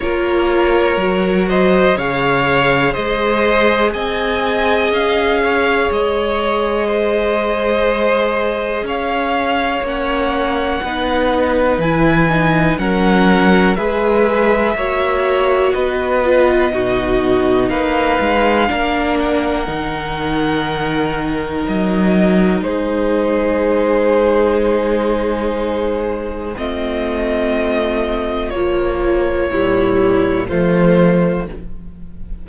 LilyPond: <<
  \new Staff \with { instrumentName = "violin" } { \time 4/4 \tempo 4 = 61 cis''4. dis''8 f''4 dis''4 | gis''4 f''4 dis''2~ | dis''4 f''4 fis''2 | gis''4 fis''4 e''2 |
dis''2 f''4. fis''8~ | fis''2 dis''4 c''4~ | c''2. dis''4~ | dis''4 cis''2 c''4 | }
  \new Staff \with { instrumentName = "violin" } { \time 4/4 ais'4. c''8 cis''4 c''4 | dis''4. cis''4. c''4~ | c''4 cis''2 b'4~ | b'4 ais'4 b'4 cis''4 |
b'4 fis'4 b'4 ais'4~ | ais'2. gis'4~ | gis'2. f'4~ | f'2 e'4 f'4 | }
  \new Staff \with { instrumentName = "viola" } { \time 4/4 f'4 fis'4 gis'2~ | gis'1~ | gis'2 cis'4 dis'4 | e'8 dis'8 cis'4 gis'4 fis'4~ |
fis'8 f'8 dis'2 d'4 | dis'1~ | dis'2. c'4~ | c'4 f4 g4 a4 | }
  \new Staff \with { instrumentName = "cello" } { \time 4/4 ais4 fis4 cis4 gis4 | c'4 cis'4 gis2~ | gis4 cis'4 ais4 b4 | e4 fis4 gis4 ais4 |
b4 b,4 ais8 gis8 ais4 | dis2 fis4 gis4~ | gis2. a4~ | a4 ais4 ais,4 f4 | }
>>